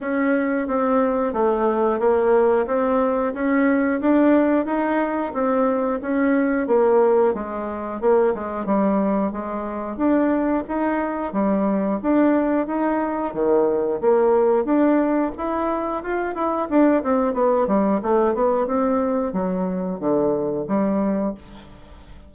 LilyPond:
\new Staff \with { instrumentName = "bassoon" } { \time 4/4 \tempo 4 = 90 cis'4 c'4 a4 ais4 | c'4 cis'4 d'4 dis'4 | c'4 cis'4 ais4 gis4 | ais8 gis8 g4 gis4 d'4 |
dis'4 g4 d'4 dis'4 | dis4 ais4 d'4 e'4 | f'8 e'8 d'8 c'8 b8 g8 a8 b8 | c'4 fis4 d4 g4 | }